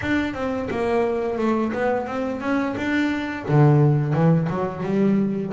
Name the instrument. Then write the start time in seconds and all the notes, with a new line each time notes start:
double bass
0.01 D4
0.34 C4
0.70 A#3
1.38 A3
1.72 B3
2.07 C4
2.40 C#4
2.76 D4
3.48 D3
4.13 E3
4.49 F#3
4.83 G3